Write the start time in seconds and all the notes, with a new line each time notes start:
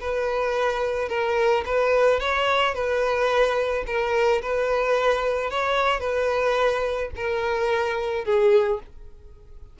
0.00 B4
1.09 A#4
1.65 B4
2.20 C#5
2.74 B4
3.86 A#4
4.42 B4
5.50 C#5
6.00 B4
7.16 A#4
8.24 G#4